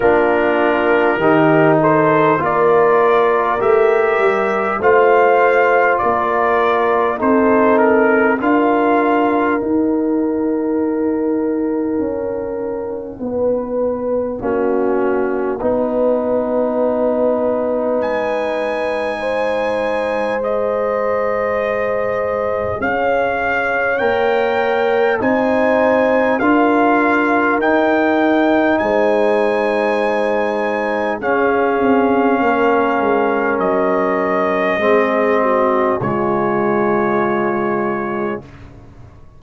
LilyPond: <<
  \new Staff \with { instrumentName = "trumpet" } { \time 4/4 \tempo 4 = 50 ais'4. c''8 d''4 e''4 | f''4 d''4 c''8 ais'8 f''4 | fis''1~ | fis''2. gis''4~ |
gis''4 dis''2 f''4 | g''4 gis''4 f''4 g''4 | gis''2 f''2 | dis''2 cis''2 | }
  \new Staff \with { instrumentName = "horn" } { \time 4/4 f'4 g'8 a'8 ais'2 | c''4 ais'4 a'4 ais'4~ | ais'2. b'4 | fis'4 b'2. |
c''2. cis''4~ | cis''4 c''4 ais'2 | c''2 gis'4 ais'4~ | ais'4 gis'8 fis'8 f'2 | }
  \new Staff \with { instrumentName = "trombone" } { \time 4/4 d'4 dis'4 f'4 g'4 | f'2 dis'4 f'4 | dis'1 | cis'4 dis'2.~ |
dis'4 gis'2. | ais'4 dis'4 f'4 dis'4~ | dis'2 cis'2~ | cis'4 c'4 gis2 | }
  \new Staff \with { instrumentName = "tuba" } { \time 4/4 ais4 dis4 ais4 a8 g8 | a4 ais4 c'4 d'4 | dis'2 cis'4 b4 | ais4 b2 gis4~ |
gis2. cis'4 | ais4 c'4 d'4 dis'4 | gis2 cis'8 c'8 ais8 gis8 | fis4 gis4 cis2 | }
>>